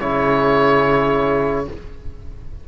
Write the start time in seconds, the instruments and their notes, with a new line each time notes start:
0.00 cello C#3, trombone E4, horn G#4, oboe C#5